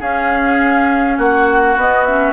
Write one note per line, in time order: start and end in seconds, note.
0.00 1.18 C#4
0.00 1.77 C#4
0.00 1.18 G#4
0.00 1.18 F5
1.18 1.76 A#3
1.18 2.33 F#4
1.18 1.77 F#5
1.76 2.33 B3
1.76 2.06 B3
1.76 2.05 D#5
2.05 2.33 C#4
2.05 2.33 E5